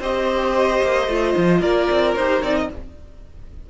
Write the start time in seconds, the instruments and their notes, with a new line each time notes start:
0.00 cello C4, viola G4, violin C5 D#5
0.82 cello A#3
1.08 cello A3, viola F4
1.37 cello F3
1.62 cello A#3, violin A#4 D5
1.91 cello C4
2.16 cello D#4, viola G4, violin C5
2.42 cello C4, viola D#4, violin D5
2.57 violin D#5